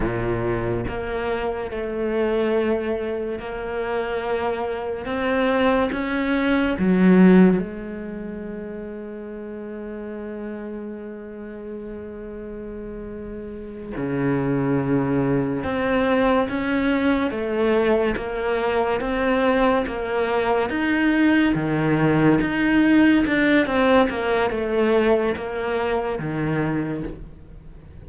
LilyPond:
\new Staff \with { instrumentName = "cello" } { \time 4/4 \tempo 4 = 71 ais,4 ais4 a2 | ais2 c'4 cis'4 | fis4 gis2.~ | gis1~ |
gis8 cis2 c'4 cis'8~ | cis'8 a4 ais4 c'4 ais8~ | ais8 dis'4 dis4 dis'4 d'8 | c'8 ais8 a4 ais4 dis4 | }